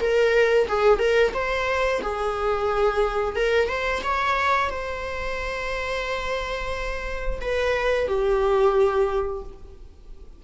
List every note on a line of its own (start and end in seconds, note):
0.00 0.67 A#4
0.68 0.99 G#4
0.99 1.33 A#4
1.34 2.01 C5
2.02 3.36 G#4
3.36 3.68 A#4
3.68 4.02 C5
4.03 4.70 C#5
4.70 7.39 C5
7.41 8.08 B4
8.08 9.43 G4